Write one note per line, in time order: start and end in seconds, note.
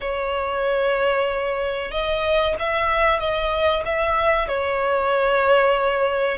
0.01 1.91 C#5
1.91 2.55 D#5
2.59 3.19 E5
3.19 3.83 D#5
3.85 4.48 E5
4.48 6.37 C#5